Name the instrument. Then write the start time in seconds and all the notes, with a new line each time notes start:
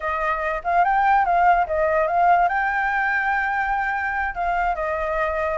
flute
0.00 D#5
0.64 F5
0.84 G5
1.25 F5
1.66 D#5
2.07 F5
2.48 G5
4.34 F5
4.75 D#5